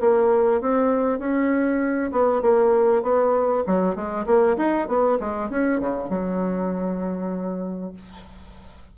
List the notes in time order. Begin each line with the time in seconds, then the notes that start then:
0.00 A#3
0.61 C4
1.19 C#4
2.12 B3
2.42 A#3
3.02 B3
3.66 F#3
3.95 G#3
4.26 A#3
4.57 D#4
4.87 B3
5.20 G#3
5.49 C#4
5.80 C#3
6.09 F#3